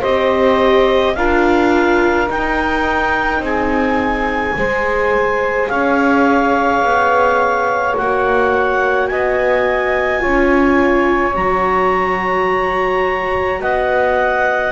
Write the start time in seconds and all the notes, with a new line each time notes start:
0.00 C4 G4 C5 D#5
1.15 D4 F4 A#4 F5
2.27 D#4 G5
3.39 C4 G#4 G#5
4.56 G#3 G#4 C5
5.69 C#4 C#5 F5
6.82 B3
7.94 A#3 F#4 F#5
9.07 B3 D#5 G#5
10.20 C#4 F4 C#5
11.34 F#3 F#4 A#5
13.60 B3 D#5 F#5